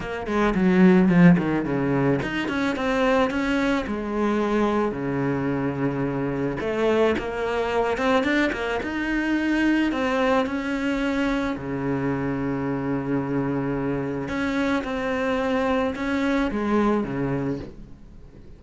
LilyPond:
\new Staff \with { instrumentName = "cello" } { \time 4/4 \tempo 4 = 109 ais8 gis8 fis4 f8 dis8 cis4 | dis'8 cis'8 c'4 cis'4 gis4~ | gis4 cis2. | a4 ais4. c'8 d'8 ais8 |
dis'2 c'4 cis'4~ | cis'4 cis2.~ | cis2 cis'4 c'4~ | c'4 cis'4 gis4 cis4 | }